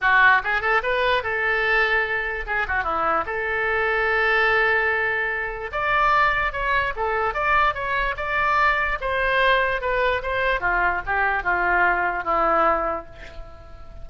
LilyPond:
\new Staff \with { instrumentName = "oboe" } { \time 4/4 \tempo 4 = 147 fis'4 gis'8 a'8 b'4 a'4~ | a'2 gis'8 fis'8 e'4 | a'1~ | a'2 d''2 |
cis''4 a'4 d''4 cis''4 | d''2 c''2 | b'4 c''4 f'4 g'4 | f'2 e'2 | }